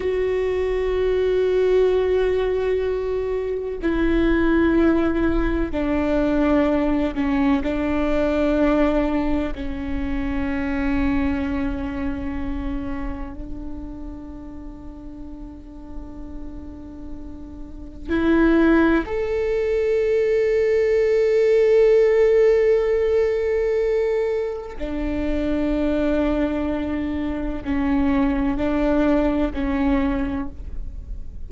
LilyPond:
\new Staff \with { instrumentName = "viola" } { \time 4/4 \tempo 4 = 63 fis'1 | e'2 d'4. cis'8 | d'2 cis'2~ | cis'2 d'2~ |
d'2. e'4 | a'1~ | a'2 d'2~ | d'4 cis'4 d'4 cis'4 | }